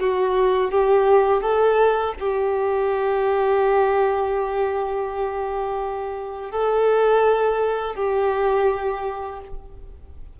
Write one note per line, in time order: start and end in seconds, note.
0.00 0.71 F#4
0.71 1.41 G4
1.41 2.14 A4
2.19 6.51 G4
6.51 7.95 A4
7.95 9.39 G4